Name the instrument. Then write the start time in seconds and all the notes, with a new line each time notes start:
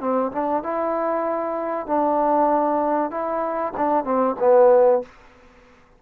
trombone
0.00 C4
0.32 D4
0.63 E4
1.86 D4
3.10 E4
3.77 D4
4.04 C4
4.39 B3